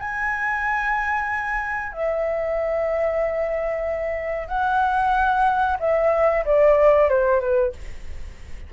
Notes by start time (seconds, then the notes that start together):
0.00 G#5
1.93 E5
4.48 F#5
5.80 E5
6.45 D5
7.09 C5
7.40 B4